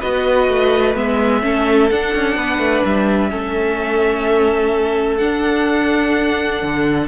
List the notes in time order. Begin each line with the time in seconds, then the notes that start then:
0.00 B3 F#4 B4 D#5
0.49 A3
0.96 G#3 B3 E5
1.42 A3 C#4 A4
1.90 D4 F#5
2.15 C#4
2.36 B3 B4
2.59 A3
2.85 G3 E5
3.31 A3 C#4 A4
5.18 D4 F#5
6.63 D3